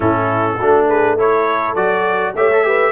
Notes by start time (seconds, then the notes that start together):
0.00 A2 C#4 E4 A4
0.59 A3 D4 F#4
0.88 G#4 B4
1.17 E4 A4 C#5
1.75 F#3 F#4 D5
2.34 A3 G4 C#5 E5
2.52 A4
2.63 G4 B4